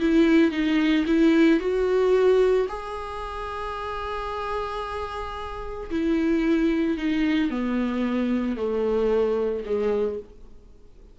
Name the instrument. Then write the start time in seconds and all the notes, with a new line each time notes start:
viola
0.00 E4
0.52 D#4
1.07 E4
1.60 F#4
2.69 G#4
5.91 E4
6.98 D#4
7.50 B3
8.57 A3
9.66 G#3